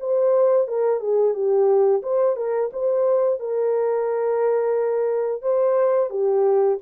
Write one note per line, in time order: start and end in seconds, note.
0.00 0.67 C5
0.67 1.00 A#4
1.00 1.34 G#4
1.34 2.02 G4
2.02 2.36 C5
2.36 2.70 A#4
2.72 3.39 C5
3.39 5.42 A#4
5.42 6.10 C5
6.10 6.78 G4